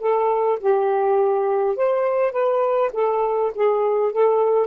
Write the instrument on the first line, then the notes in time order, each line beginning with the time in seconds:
saxophone
0.00 A4
0.60 G4
1.76 C5
2.32 B4
2.94 A4
3.55 G#4
4.13 A4